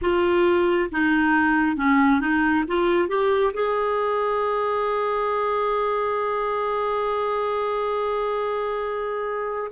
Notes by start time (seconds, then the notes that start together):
0.01 F4
0.91 D#4
1.76 C#4
2.20 D#4
2.67 F4
3.08 G4
3.53 G#4